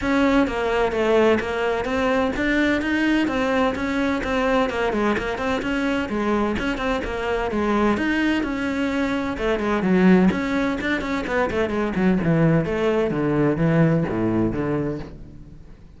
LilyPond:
\new Staff \with { instrumentName = "cello" } { \time 4/4 \tempo 4 = 128 cis'4 ais4 a4 ais4 | c'4 d'4 dis'4 c'4 | cis'4 c'4 ais8 gis8 ais8 c'8 | cis'4 gis4 cis'8 c'8 ais4 |
gis4 dis'4 cis'2 | a8 gis8 fis4 cis'4 d'8 cis'8 | b8 a8 gis8 fis8 e4 a4 | d4 e4 a,4 d4 | }